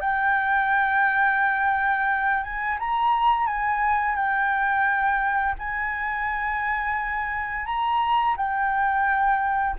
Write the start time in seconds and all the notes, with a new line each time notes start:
0.00 G5
2.43 G#5
2.79 A#5
3.46 G#5
4.15 G5
5.58 G#5
7.66 A#5
8.36 G5